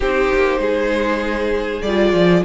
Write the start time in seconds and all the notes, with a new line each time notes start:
0.00 C4 D#4 G4 C5
0.33 A#3
0.58 G#3 G#4
1.82 G3 F4 D5
2.12 F3